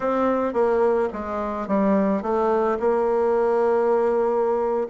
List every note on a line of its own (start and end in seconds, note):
0.00 0.53 C4
0.53 1.08 A#3
1.12 1.67 G#3
1.67 2.22 G3
2.22 2.78 A3
2.79 4.87 A#3